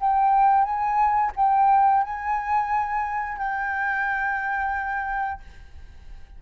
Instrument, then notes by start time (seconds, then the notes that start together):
flute
0.00 G5
0.64 G#5
1.36 G5
2.03 G#5
3.38 G5